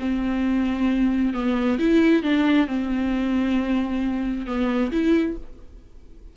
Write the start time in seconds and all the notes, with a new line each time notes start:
0.00 C4
1.34 B3
1.79 E4
2.23 D4
2.67 C4
4.47 B3
4.92 E4